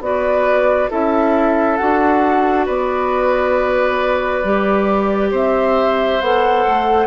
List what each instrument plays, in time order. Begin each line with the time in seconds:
0.00 bassoon B3, clarinet F#4, oboe B4, flute D5
0.90 bassoon C#4, clarinet E4, oboe A4, flute E5
1.77 bassoon D4, clarinet F#4, flute F#5
2.66 bassoon B3, oboe B4, flute D5
4.43 bassoon G3, clarinet G4
5.31 bassoon C4, oboe C5, flute E5
6.21 bassoon B3, clarinet A4, flute F#5
6.68 bassoon A3